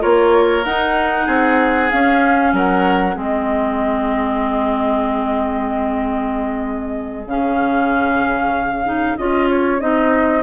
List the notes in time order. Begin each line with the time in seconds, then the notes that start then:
0.00 A#3 F4 A#4 C#5
0.65 D#4 F#5
1.26 C4 G#4
1.91 C#4 F5
2.53 F#3 A#4 F#5
3.14 G#3 C4 G#4 D#5
7.26 C#3 C#4 F5
8.86 D#4
9.18 C#4 F4 D#5
9.50 C#5
9.80 C4 D#4 D#5